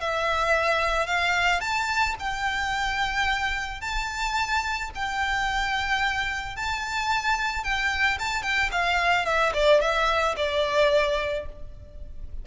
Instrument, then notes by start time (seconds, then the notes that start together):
violin
0.00 E5
1.06 F5
1.60 A5
2.19 G5
3.81 A5
4.95 G5
6.56 A5
7.63 G5
8.19 A5
8.42 G5
8.71 F5
9.25 E5
9.54 D5
9.81 E5
10.36 D5